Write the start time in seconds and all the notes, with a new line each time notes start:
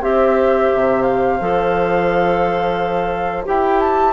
0.00 C4 G4 C5 E5
0.74 C3
1.02 F5
1.40 F3 A4
3.44 E4 G4 G5
3.80 A5